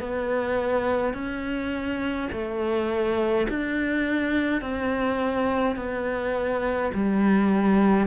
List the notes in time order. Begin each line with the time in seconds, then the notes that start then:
0.00 B3
1.14 C#4
2.32 A3
3.49 D4
4.62 C4
5.76 B3
6.94 G3